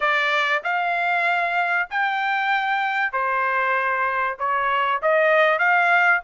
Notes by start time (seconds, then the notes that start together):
0.00 D5
0.63 F5
1.89 G5
3.12 C5
4.38 C#5
5.02 D#5
5.59 F5